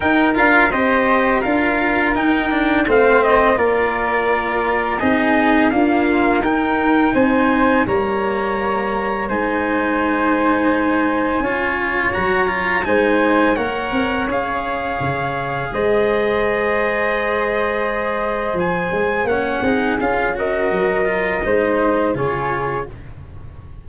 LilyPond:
<<
  \new Staff \with { instrumentName = "trumpet" } { \time 4/4 \tempo 4 = 84 g''8 f''8 dis''4 f''4 g''4 | f''8 dis''8 d''2 dis''4 | f''4 g''4 gis''4 ais''4~ | ais''4 gis''2.~ |
gis''4 ais''4 gis''4 fis''4 | f''2 dis''2~ | dis''2 gis''4 fis''4 | f''8 dis''2~ dis''8 cis''4 | }
  \new Staff \with { instrumentName = "flute" } { \time 4/4 ais'4 c''4 ais'2 | c''4 ais'2 gis'4 | f'4 ais'4 c''4 cis''4~ | cis''4 c''2. |
cis''2 c''4 cis''4~ | cis''2 c''2~ | c''2. cis''8 gis'8~ | gis'8 ais'4. c''4 gis'4 | }
  \new Staff \with { instrumentName = "cello" } { \time 4/4 dis'8 f'8 g'4 f'4 dis'8 d'8 | c'4 f'2 dis'4 | ais4 dis'2 ais4~ | ais4 dis'2. |
f'4 fis'8 f'8 dis'4 ais'4 | gis'1~ | gis'2. cis'8 dis'8 | f'8 fis'4 f'8 dis'4 f'4 | }
  \new Staff \with { instrumentName = "tuba" } { \time 4/4 dis'8 d'8 c'4 d'4 dis'4 | a4 ais2 c'4 | d'4 dis'4 c'4 g4~ | g4 gis2. |
cis'4 fis4 gis4 ais8 c'8 | cis'4 cis4 gis2~ | gis2 f8 gis8 ais8 c'8 | cis'4 fis4 gis4 cis4 | }
>>